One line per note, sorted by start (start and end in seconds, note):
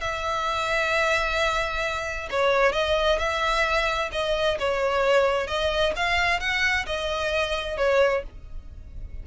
0.00 2.29 E5
2.30 2.72 C#5
2.72 3.18 D#5
3.18 4.10 E5
4.12 4.58 D#5
4.59 5.47 C#5
5.47 5.93 D#5
5.96 6.40 F5
6.40 6.86 F#5
6.86 7.77 D#5
7.77 8.23 C#5